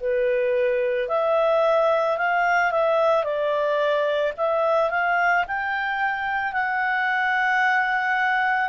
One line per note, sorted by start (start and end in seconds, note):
0.00 1.08 B4
1.08 2.17 E5
2.17 2.71 F5
2.71 3.23 E5
3.23 4.32 D5
4.37 4.90 E5
4.90 5.44 F5
5.47 6.53 G5
6.53 8.69 F#5